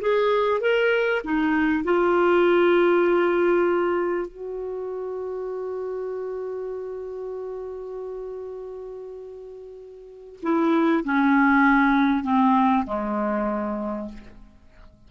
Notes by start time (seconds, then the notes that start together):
0.00 G#4
0.60 A#4
1.24 D#4
1.84 F4
4.28 F#4
10.42 E4
11.04 C#4
12.23 C4
12.86 G#3